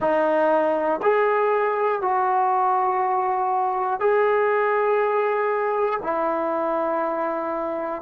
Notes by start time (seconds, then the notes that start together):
0.00 D#4
1.02 G#4
2.01 F#4
4.00 G#4
6.03 E4